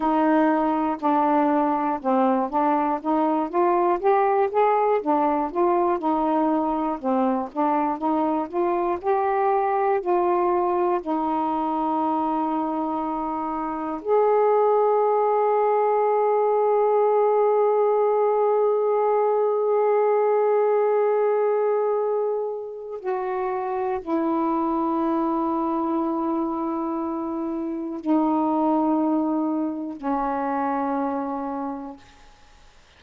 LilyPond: \new Staff \with { instrumentName = "saxophone" } { \time 4/4 \tempo 4 = 60 dis'4 d'4 c'8 d'8 dis'8 f'8 | g'8 gis'8 d'8 f'8 dis'4 c'8 d'8 | dis'8 f'8 g'4 f'4 dis'4~ | dis'2 gis'2~ |
gis'1~ | gis'2. fis'4 | e'1 | dis'2 cis'2 | }